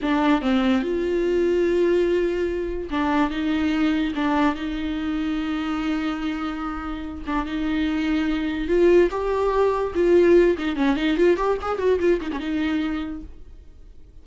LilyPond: \new Staff \with { instrumentName = "viola" } { \time 4/4 \tempo 4 = 145 d'4 c'4 f'2~ | f'2. d'4 | dis'2 d'4 dis'4~ | dis'1~ |
dis'4. d'8 dis'2~ | dis'4 f'4 g'2 | f'4. dis'8 cis'8 dis'8 f'8 g'8 | gis'8 fis'8 f'8 dis'16 cis'16 dis'2 | }